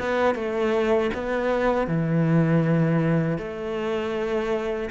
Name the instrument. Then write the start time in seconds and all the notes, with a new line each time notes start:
cello
0.00 B3
0.36 A3
1.14 B3
1.88 E3
3.38 A3